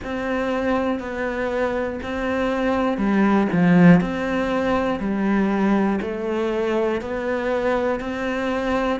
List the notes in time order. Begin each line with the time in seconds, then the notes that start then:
0.04 C4
0.99 B3
2.03 C4
2.97 G3
3.52 F3
4.00 C4
4.99 G3
6.01 A3
7.00 B3
8.00 C4